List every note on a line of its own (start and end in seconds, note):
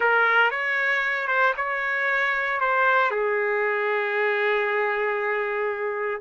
0.00 0.50 A#4
0.50 1.27 C#5
1.27 1.53 C5
1.57 2.60 C#5
2.60 3.10 C5
3.10 6.21 G#4